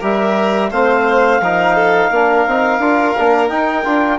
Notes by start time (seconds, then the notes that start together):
0.00 G3 G4 A#4 E5
0.71 A3 C4 C5 F5
1.41 F3 D#4 A#4
1.75 A4
2.10 A#3 D4 A#4
2.47 C4 D#4
2.79 D4 F4
3.18 A#3 D4
3.49 D#4 G5
3.85 D4 F4